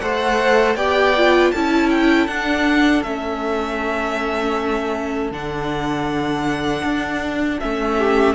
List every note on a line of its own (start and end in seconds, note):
0.00 0.75 A3
0.00 0.77 A4
0.00 0.76 C5
0.00 0.76 F#5
0.75 1.51 B3
0.75 1.15 G4
0.75 1.52 D5
0.75 1.52 G5
1.17 1.55 F4
1.52 2.27 C#4
1.52 2.28 E4
1.52 7.98 A4
1.52 1.90 A5
1.90 2.27 G5
2.27 3.03 D4
2.27 3.04 D4
2.27 3.03 F#5
3.03 5.31 A3
3.03 5.32 C#4
3.03 5.31 E5
5.31 6.83 D3
5.31 7.60 D4
5.31 7.60 F#5
6.84 7.59 D4
7.60 8.35 A3
7.60 8.35 C#4
7.60 8.35 E5
7.98 8.35 G4